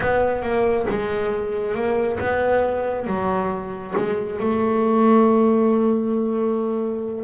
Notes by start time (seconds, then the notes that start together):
0.00 B3
0.42 A#3
0.89 G#3
1.74 A#3
2.19 B3
3.06 F#3
3.97 G#3
4.39 A3